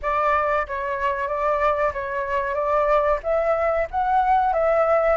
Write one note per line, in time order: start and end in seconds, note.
0.02 0.66 D5
0.67 1.27 C#5
1.27 1.92 D5
1.93 2.55 C#5
2.55 3.19 D5
3.23 3.87 E5
3.91 4.53 F#5
4.53 5.16 E5